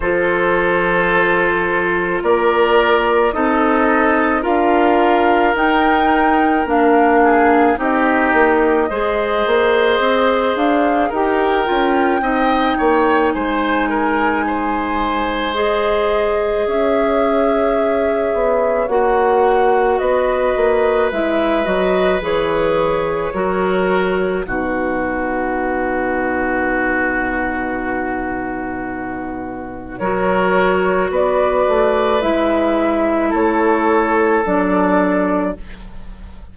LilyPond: <<
  \new Staff \with { instrumentName = "flute" } { \time 4/4 \tempo 4 = 54 c''2 d''4 dis''4 | f''4 g''4 f''4 dis''4~ | dis''4. f''8 g''2 | gis''2 dis''4 e''4~ |
e''4 fis''4 dis''4 e''8 dis''8 | cis''2 b'2~ | b'2. cis''4 | d''4 e''4 cis''4 d''4 | }
  \new Staff \with { instrumentName = "oboe" } { \time 4/4 a'2 ais'4 a'4 | ais'2~ ais'8 gis'8 g'4 | c''2 ais'4 dis''8 cis''8 | c''8 ais'8 c''2 cis''4~ |
cis''2 b'2~ | b'4 ais'4 fis'2~ | fis'2. ais'4 | b'2 a'2 | }
  \new Staff \with { instrumentName = "clarinet" } { \time 4/4 f'2. dis'4 | f'4 dis'4 d'4 dis'4 | gis'2 g'8 f'8 dis'4~ | dis'2 gis'2~ |
gis'4 fis'2 e'8 fis'8 | gis'4 fis'4 dis'2~ | dis'2. fis'4~ | fis'4 e'2 d'4 | }
  \new Staff \with { instrumentName = "bassoon" } { \time 4/4 f2 ais4 c'4 | d'4 dis'4 ais4 c'8 ais8 | gis8 ais8 c'8 d'8 dis'8 cis'8 c'8 ais8 | gis2. cis'4~ |
cis'8 b8 ais4 b8 ais8 gis8 fis8 | e4 fis4 b,2~ | b,2. fis4 | b8 a8 gis4 a4 fis4 | }
>>